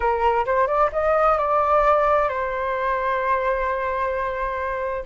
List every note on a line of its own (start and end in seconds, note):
0.00 0.45 A#4
0.45 0.67 C5
0.67 0.90 D5
0.92 1.37 D#5
1.37 2.29 D5
2.29 5.03 C5